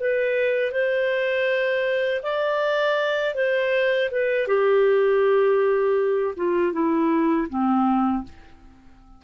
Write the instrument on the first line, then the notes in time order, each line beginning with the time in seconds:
clarinet
0.00 B4
0.72 C5
2.23 D5
3.35 C5
4.11 B4
4.48 G4
6.36 F4
6.73 E4
7.49 C4